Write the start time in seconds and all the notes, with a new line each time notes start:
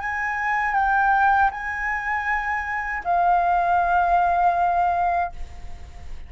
0.00 G#5
0.74 G5
1.51 G#5
3.04 F5